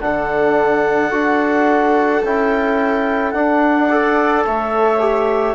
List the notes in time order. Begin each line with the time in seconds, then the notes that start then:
0.00 D3 D4 A4 F#5
1.11 D4 F#4
2.23 C#4 E4 G5
3.31 D4 F#5
3.89 A4 D5
4.46 A3 C#5 E5
5.00 G4